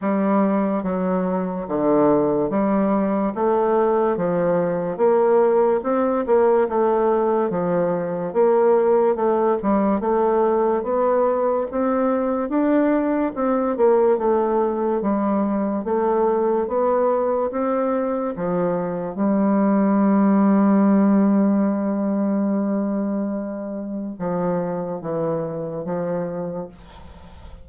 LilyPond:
\new Staff \with { instrumentName = "bassoon" } { \time 4/4 \tempo 4 = 72 g4 fis4 d4 g4 | a4 f4 ais4 c'8 ais8 | a4 f4 ais4 a8 g8 | a4 b4 c'4 d'4 |
c'8 ais8 a4 g4 a4 | b4 c'4 f4 g4~ | g1~ | g4 f4 e4 f4 | }